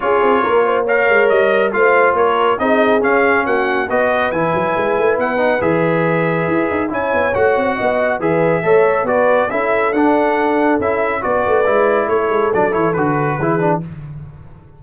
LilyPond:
<<
  \new Staff \with { instrumentName = "trumpet" } { \time 4/4 \tempo 4 = 139 cis''2 f''4 dis''4 | f''4 cis''4 dis''4 f''4 | fis''4 dis''4 gis''2 | fis''4 e''2. |
gis''4 fis''2 e''4~ | e''4 d''4 e''4 fis''4~ | fis''4 e''4 d''2 | cis''4 d''8 cis''8 b'2 | }
  \new Staff \with { instrumentName = "horn" } { \time 4/4 gis'4 ais'8 c''8 cis''2 | c''4 ais'4 gis'2 | fis'4 b'2.~ | b'1 |
cis''2 dis''4 b'4 | cis''4 b'4 a'2~ | a'2 b'2 | a'2. gis'4 | }
  \new Staff \with { instrumentName = "trombone" } { \time 4/4 f'2 ais'2 | f'2 dis'4 cis'4~ | cis'4 fis'4 e'2~ | e'8 dis'8 gis'2. |
e'4 fis'2 gis'4 | a'4 fis'4 e'4 d'4~ | d'4 e'4 fis'4 e'4~ | e'4 d'8 e'8 fis'4 e'8 d'8 | }
  \new Staff \with { instrumentName = "tuba" } { \time 4/4 cis'8 c'8 ais4. gis8 g4 | a4 ais4 c'4 cis'4 | ais4 b4 e8 fis8 gis8 a8 | b4 e2 e'8 dis'8 |
cis'8 b8 a8 c'8 b4 e4 | a4 b4 cis'4 d'4~ | d'4 cis'4 b8 a8 gis4 | a8 gis8 fis8 e8 d4 e4 | }
>>